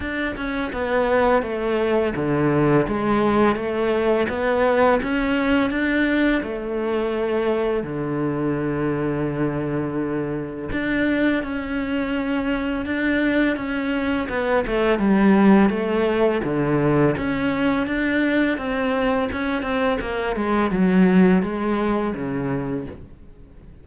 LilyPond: \new Staff \with { instrumentName = "cello" } { \time 4/4 \tempo 4 = 84 d'8 cis'8 b4 a4 d4 | gis4 a4 b4 cis'4 | d'4 a2 d4~ | d2. d'4 |
cis'2 d'4 cis'4 | b8 a8 g4 a4 d4 | cis'4 d'4 c'4 cis'8 c'8 | ais8 gis8 fis4 gis4 cis4 | }